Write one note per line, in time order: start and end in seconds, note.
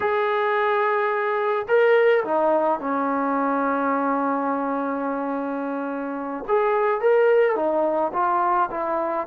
0.00 1.66 G#4
1.67 2.24 A#4
2.24 2.80 D#4
2.80 6.44 C#4
6.47 7.00 G#4
7.00 7.55 A#4
7.55 8.12 D#4
8.13 8.69 F4
8.71 9.27 E4